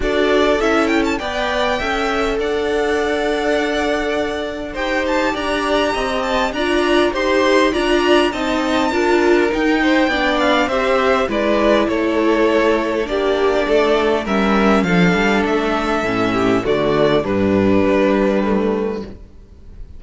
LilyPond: <<
  \new Staff \with { instrumentName = "violin" } { \time 4/4 \tempo 4 = 101 d''4 e''8 g''16 a''16 g''2 | fis''1 | g''8 a''8 ais''4. a''8 ais''4 | c'''4 ais''4 a''2 |
g''4. f''8 e''4 d''4 | cis''2 d''2 | e''4 f''4 e''2 | d''4 b'2. | }
  \new Staff \with { instrumentName = "violin" } { \time 4/4 a'2 d''4 e''4 | d''1 | c''4 d''4 dis''4 d''4 | c''4 d''4 dis''4 ais'4~ |
ais'8 c''8 d''4 c''4 b'4 | a'2 g'4 a'4 | ais'4 a'2~ a'8 g'8 | fis'4 d'2. | }
  \new Staff \with { instrumentName = "viola" } { \time 4/4 fis'4 e'4 b'4 a'4~ | a'1 | g'2. f'4 | g'4 f'4 dis'4 f'4 |
dis'4 d'4 g'4 e'4~ | e'2 d'2 | cis'4 d'2 cis'4 | a4 g2 a4 | }
  \new Staff \with { instrumentName = "cello" } { \time 4/4 d'4 cis'4 b4 cis'4 | d'1 | dis'4 d'4 c'4 d'4 | dis'4 d'4 c'4 d'4 |
dis'4 b4 c'4 gis4 | a2 ais4 a4 | g4 f8 g8 a4 a,4 | d4 g,4 g2 | }
>>